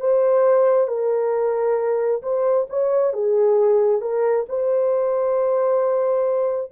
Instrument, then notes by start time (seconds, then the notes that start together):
horn
0.00 C5
0.88 A#4
2.22 C5
2.70 C#5
3.13 G#4
4.01 A#4
4.49 C5